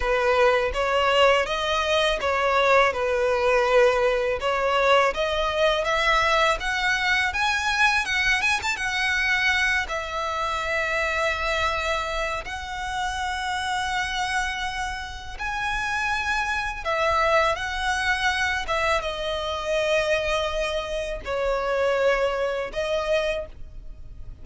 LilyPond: \new Staff \with { instrumentName = "violin" } { \time 4/4 \tempo 4 = 82 b'4 cis''4 dis''4 cis''4 | b'2 cis''4 dis''4 | e''4 fis''4 gis''4 fis''8 gis''16 a''16 | fis''4. e''2~ e''8~ |
e''4 fis''2.~ | fis''4 gis''2 e''4 | fis''4. e''8 dis''2~ | dis''4 cis''2 dis''4 | }